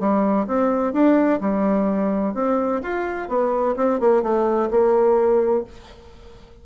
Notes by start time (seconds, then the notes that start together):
0.00 G3
0.47 C4
0.93 D4
1.41 G3
2.35 C4
2.83 F4
3.29 B3
3.76 C4
4.00 A#3
4.23 A3
4.71 A#3